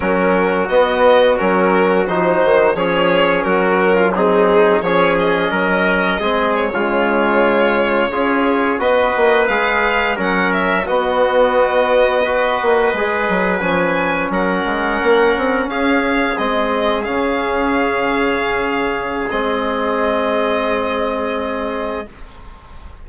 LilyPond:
<<
  \new Staff \with { instrumentName = "violin" } { \time 4/4 \tempo 4 = 87 ais'4 dis''4 ais'4 c''4 | cis''4 ais'4 gis'4 cis''8 dis''8~ | dis''4. cis''2~ cis''8~ | cis''8. dis''4 f''4 fis''8 e''8 dis''16~ |
dis''2.~ dis''8. gis''16~ | gis''8. fis''2 f''4 dis''16~ | dis''8. f''2.~ f''16 | dis''1 | }
  \new Staff \with { instrumentName = "trumpet" } { \time 4/4 fis'1 | gis'4 fis'8. f'16 dis'4 gis'4 | ais'4 gis'8. f'2 gis'16~ | gis'8. b'2 ais'4 fis'16~ |
fis'4.~ fis'16 b'2~ b'16~ | b'8. ais'2 gis'4~ gis'16~ | gis'1~ | gis'1 | }
  \new Staff \with { instrumentName = "trombone" } { \time 4/4 cis'4 b4 cis'4 dis'4 | cis'2 c'4 cis'4~ | cis'4 c'8. gis2 f'16~ | f'8. fis'4 gis'4 cis'4 b16~ |
b4.~ b16 fis'4 gis'4 cis'16~ | cis'2.~ cis'8. c'16~ | c'8. cis'2.~ cis'16 | c'1 | }
  \new Staff \with { instrumentName = "bassoon" } { \time 4/4 fis4 b4 fis4 f8 dis8 | f4 fis2 f4 | fis4 gis8. cis2 cis'16~ | cis'8. b8 ais8 gis4 fis4 b16~ |
b2~ b16 ais8 gis8 fis8 f16~ | f8. fis8 gis8 ais8 c'8 cis'4 gis16~ | gis8. cis2.~ cis16 | gis1 | }
>>